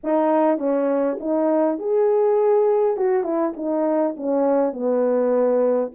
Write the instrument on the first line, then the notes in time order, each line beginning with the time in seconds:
horn
0.03 D#4
0.58 C#4
1.20 D#4
1.78 G#4
2.96 F#4
3.23 E4
3.56 D#4
4.16 C#4
4.72 B3